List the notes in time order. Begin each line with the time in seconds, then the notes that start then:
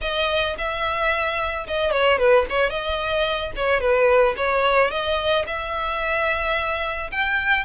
0.01 D#5
0.58 E5
1.67 D#5
1.91 C#5
2.18 B4
2.49 C#5
2.70 D#5
3.56 C#5
3.80 B4
4.37 C#5
4.90 D#5
5.46 E5
7.11 G5